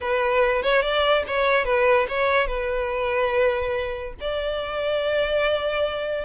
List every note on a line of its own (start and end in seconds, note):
0.00 0.62 B4
0.62 0.81 C#5
0.81 1.23 D5
1.27 1.65 C#5
1.65 2.06 B4
2.08 2.47 C#5
2.47 4.14 B4
4.20 6.24 D5